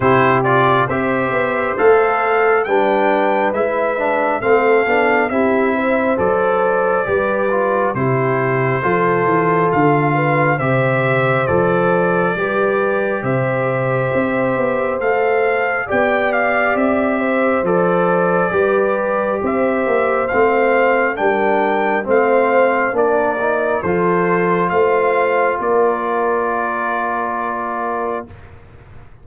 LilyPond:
<<
  \new Staff \with { instrumentName = "trumpet" } { \time 4/4 \tempo 4 = 68 c''8 d''8 e''4 f''4 g''4 | e''4 f''4 e''4 d''4~ | d''4 c''2 f''4 | e''4 d''2 e''4~ |
e''4 f''4 g''8 f''8 e''4 | d''2 e''4 f''4 | g''4 f''4 d''4 c''4 | f''4 d''2. | }
  \new Staff \with { instrumentName = "horn" } { \time 4/4 g'4 c''2 b'4~ | b'4 a'4 g'8 c''4. | b'4 g'4 a'4. b'8 | c''2 b'4 c''4~ |
c''2 d''4. c''8~ | c''4 b'4 c''2 | ais'4 c''4 ais'4 a'4 | c''4 ais'2. | }
  \new Staff \with { instrumentName = "trombone" } { \time 4/4 e'8 f'8 g'4 a'4 d'4 | e'8 d'8 c'8 d'8 e'4 a'4 | g'8 f'8 e'4 f'2 | g'4 a'4 g'2~ |
g'4 a'4 g'2 | a'4 g'2 c'4 | d'4 c'4 d'8 dis'8 f'4~ | f'1 | }
  \new Staff \with { instrumentName = "tuba" } { \time 4/4 c4 c'8 b8 a4 g4 | gis4 a8 b8 c'4 fis4 | g4 c4 f8 e8 d4 | c4 f4 g4 c4 |
c'8 b8 a4 b4 c'4 | f4 g4 c'8 ais8 a4 | g4 a4 ais4 f4 | a4 ais2. | }
>>